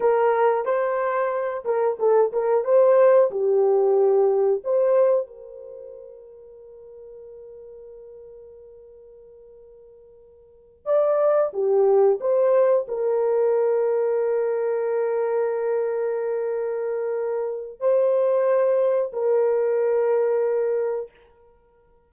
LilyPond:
\new Staff \with { instrumentName = "horn" } { \time 4/4 \tempo 4 = 91 ais'4 c''4. ais'8 a'8 ais'8 | c''4 g'2 c''4 | ais'1~ | ais'1~ |
ais'8 d''4 g'4 c''4 ais'8~ | ais'1~ | ais'2. c''4~ | c''4 ais'2. | }